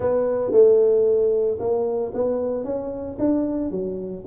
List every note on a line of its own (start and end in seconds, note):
0.00 0.51 B3
0.51 1.57 A3
1.59 2.12 A#3
2.14 2.64 B3
2.64 3.17 C#4
3.18 3.70 D4
3.70 4.23 F#3